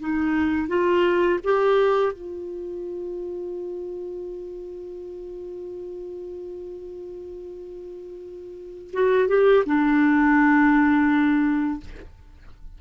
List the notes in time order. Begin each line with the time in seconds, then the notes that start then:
0.00 D#4
0.68 F4
1.44 G4
2.13 F4
8.93 F#4
9.28 G4
9.66 D4